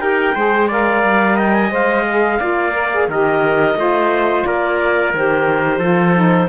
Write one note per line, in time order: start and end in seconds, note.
0.00 0.35 D#4
0.00 0.34 G4
0.00 0.35 A#4
0.00 0.68 G5
0.35 1.04 G#3
0.35 0.70 G#4
0.35 0.68 C5
0.68 1.71 A#4
0.68 1.36 D5
0.68 1.39 F5
1.04 1.72 G3
1.36 2.38 D#5
1.36 1.54 G5
1.54 1.71 G#5
1.71 2.40 G#3
1.71 2.05 C5
1.71 3.10 F5
2.10 2.40 G#4
2.40 3.08 A#3
2.40 2.72 F4
2.40 3.08 D5
2.72 2.89 A#4
2.93 3.11 G#4
3.08 3.75 D#3
3.08 3.76 G4
3.08 3.79 A#4
3.08 4.45 D#5
3.75 4.44 A3
3.75 5.13 F4
3.75 4.47 C5
4.45 5.14 A#3
4.45 5.79 A#4
4.45 5.13 D5
5.14 5.79 D#3
5.14 5.82 G4
5.14 6.49 C5
5.79 6.47 F3
5.79 6.15 F4
5.79 6.48 A4
6.15 6.49 D#4